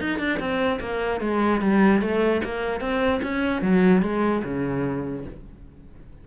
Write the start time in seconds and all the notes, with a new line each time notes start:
0.00 D#4
0.18 D4
0.39 C4
0.80 A#3
1.20 G#3
1.61 G3
2.01 A3
2.44 A#3
2.80 C4
3.22 C#4
3.61 F#3
4.02 G#3
4.44 C#3